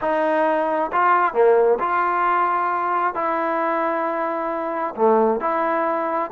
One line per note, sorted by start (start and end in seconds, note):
0.01 0.91 D#4
0.92 1.33 F4
1.33 1.78 A#3
1.79 3.14 F4
3.14 4.94 E4
4.95 5.40 A3
5.40 6.30 E4